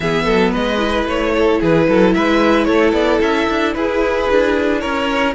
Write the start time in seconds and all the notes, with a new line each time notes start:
0.00 E3 B3 G#4 E5
0.24 F#3 A4
0.51 G#3 B4 D#5
0.78 E4
1.05 A3 C#5
1.35 A4
1.59 E3 G#4 B4
1.88 F#3 A4
2.13 G#3 B4 E5
2.64 A3 A4 C#5
2.92 B3 D5
3.20 C#4 E5
3.49 D4
3.73 E4 G#4 B4
4.29 D4
4.80 C#4 A#4 C#5